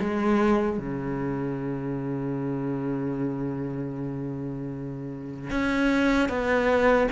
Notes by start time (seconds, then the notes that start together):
0.00 G#3
0.79 C#3
5.50 C#4
6.29 B3